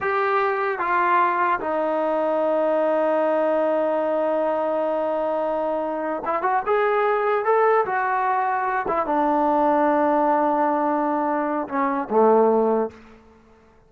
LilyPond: \new Staff \with { instrumentName = "trombone" } { \time 4/4 \tempo 4 = 149 g'2 f'2 | dis'1~ | dis'1~ | dis'2.~ dis'8 e'8 |
fis'8 gis'2 a'4 fis'8~ | fis'2 e'8 d'4.~ | d'1~ | d'4 cis'4 a2 | }